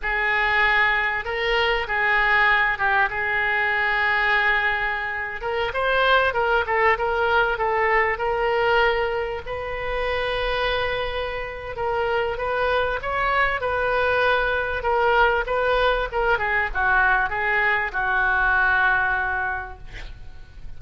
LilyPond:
\new Staff \with { instrumentName = "oboe" } { \time 4/4 \tempo 4 = 97 gis'2 ais'4 gis'4~ | gis'8 g'8 gis'2.~ | gis'8. ais'8 c''4 ais'8 a'8 ais'8.~ | ais'16 a'4 ais'2 b'8.~ |
b'2. ais'4 | b'4 cis''4 b'2 | ais'4 b'4 ais'8 gis'8 fis'4 | gis'4 fis'2. | }